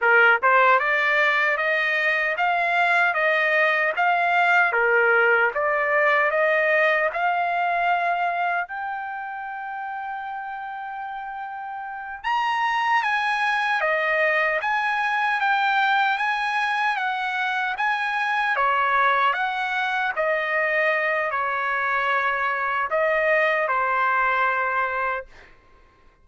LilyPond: \new Staff \with { instrumentName = "trumpet" } { \time 4/4 \tempo 4 = 76 ais'8 c''8 d''4 dis''4 f''4 | dis''4 f''4 ais'4 d''4 | dis''4 f''2 g''4~ | g''2.~ g''8 ais''8~ |
ais''8 gis''4 dis''4 gis''4 g''8~ | g''8 gis''4 fis''4 gis''4 cis''8~ | cis''8 fis''4 dis''4. cis''4~ | cis''4 dis''4 c''2 | }